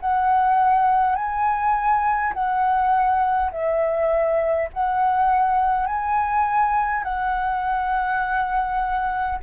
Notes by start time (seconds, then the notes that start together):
0.00 F#5
1.16 G#5
2.34 F#5
3.51 E5
4.73 F#5
5.87 G#5
7.03 F#5